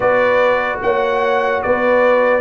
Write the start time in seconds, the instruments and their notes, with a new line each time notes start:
0.00 tuba B3, trombone F#4, horn B4, trumpet D5
0.82 tuba A#3, horn C#5, trumpet F#5
1.62 tuba B3, horn B4, trumpet D5